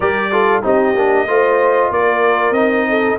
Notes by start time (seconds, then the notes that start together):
0.00 G3 G4 A#4 D5
0.31 F4 A4
0.62 C4 D#4 G4 D#5
0.94 A#3 D4
1.26 A3 F4 C5
1.90 A#3 A#4 D5
2.50 C4 D#4 D#5
2.88 A4